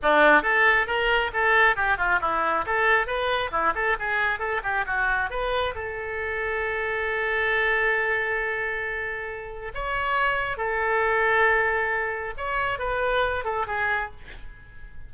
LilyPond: \new Staff \with { instrumentName = "oboe" } { \time 4/4 \tempo 4 = 136 d'4 a'4 ais'4 a'4 | g'8 f'8 e'4 a'4 b'4 | e'8 a'8 gis'4 a'8 g'8 fis'4 | b'4 a'2.~ |
a'1~ | a'2 cis''2 | a'1 | cis''4 b'4. a'8 gis'4 | }